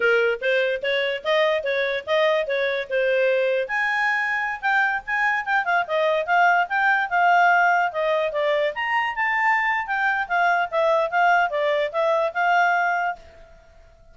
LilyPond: \new Staff \with { instrumentName = "clarinet" } { \time 4/4 \tempo 4 = 146 ais'4 c''4 cis''4 dis''4 | cis''4 dis''4 cis''4 c''4~ | c''4 gis''2~ gis''16 g''8.~ | g''16 gis''4 g''8 f''8 dis''4 f''8.~ |
f''16 g''4 f''2 dis''8.~ | dis''16 d''4 ais''4 a''4.~ a''16 | g''4 f''4 e''4 f''4 | d''4 e''4 f''2 | }